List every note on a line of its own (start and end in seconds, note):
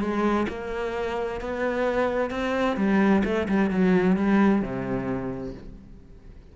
0.00 0.46 G#3
0.48 1.40 A#3
1.40 2.30 B3
2.30 2.76 C4
2.76 3.22 G3
3.24 3.47 A3
3.48 3.70 G3
3.70 4.16 F#3
4.16 4.61 G3
4.61 5.54 C3